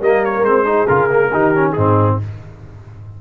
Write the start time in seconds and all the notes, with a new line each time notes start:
0.00 G3 A#3 A#4 D#5
0.24 C#5
0.41 G#3 C4 C5
0.64 D#4 G#4
0.87 C#3 F4 A#4
1.09 A#3
1.32 D#3 D#4 G4
1.54 C#4
1.72 G#2 C4 D#4 G#4